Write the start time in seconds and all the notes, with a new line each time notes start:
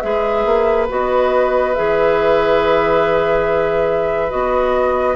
0.00 G#3 G#4 B4 E5
0.45 A#3
0.89 B3 F#4 D#5
1.74 E3 G#4 E5
4.29 B3 F#4 D#5